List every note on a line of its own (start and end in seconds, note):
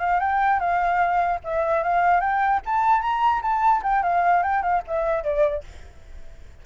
0.00 0.20 F5
0.20 0.59 G5
0.59 1.39 F5
1.44 1.83 E5
1.83 2.20 F5
2.20 2.60 G5
2.65 3.01 A5
3.01 3.41 A#5
3.42 3.82 A5
3.83 4.02 G5
4.02 4.42 F5
4.42 4.62 G5
4.62 4.82 F5
4.87 5.23 E5
5.23 5.63 D5